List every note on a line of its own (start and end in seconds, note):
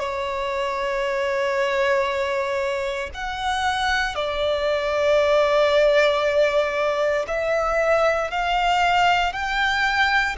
0.00 3.10 C#5
3.14 4.15 F#5
4.15 7.26 D5
7.27 8.31 E5
8.31 9.33 F5
9.33 10.36 G5